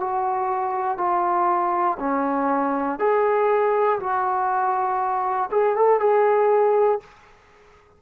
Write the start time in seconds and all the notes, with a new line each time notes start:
0.00 F#4
0.98 F4
1.99 C#4
2.99 G#4
4.00 F#4
5.51 G#4
5.76 A4
6.00 G#4